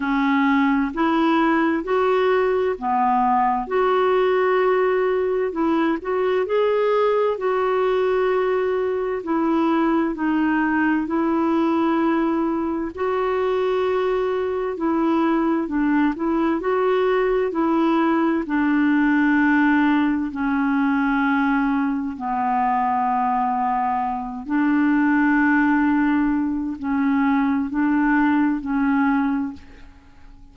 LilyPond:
\new Staff \with { instrumentName = "clarinet" } { \time 4/4 \tempo 4 = 65 cis'4 e'4 fis'4 b4 | fis'2 e'8 fis'8 gis'4 | fis'2 e'4 dis'4 | e'2 fis'2 |
e'4 d'8 e'8 fis'4 e'4 | d'2 cis'2 | b2~ b8 d'4.~ | d'4 cis'4 d'4 cis'4 | }